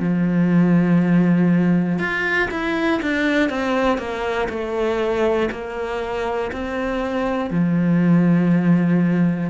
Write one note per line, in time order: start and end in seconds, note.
0.00 1.99 F3
1.99 2.49 F4
2.51 3.01 E4
3.03 3.50 D4
3.50 3.99 C4
3.99 4.49 A#3
4.50 5.50 A3
5.52 6.52 A#3
6.52 7.51 C4
7.51 9.50 F3